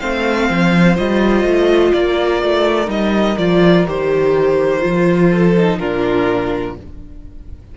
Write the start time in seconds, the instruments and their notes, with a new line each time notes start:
0.00 cello A3, viola C4, violin C5 F5
0.50 cello F3
0.97 cello G3, viola F4, violin D#5
1.44 cello A3
1.93 cello A#3, violin A#4 D5
2.43 cello A3
2.86 cello G3, viola D#4, violin D#5
3.38 cello F3, viola F4, violin D5
3.87 cello D#3, viola G4, violin C5
4.80 cello F3, viola F4
5.31 violin A4
5.57 viola D#4
5.78 cello A#2, viola D4, violin F4 A#4